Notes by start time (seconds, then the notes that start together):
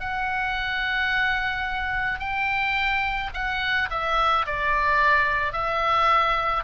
0.00 F#5
2.19 G5
3.33 F#5
3.90 E5
4.46 D5
5.53 E5